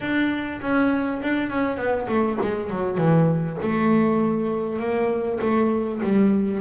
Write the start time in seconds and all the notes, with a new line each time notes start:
0.00 D4
0.61 C#4
1.22 D4
1.50 C#4
1.77 B3
2.08 A3
2.41 G#3
2.69 F#3
2.97 E3
3.62 A3
4.79 A#3
5.41 A3
6.03 G3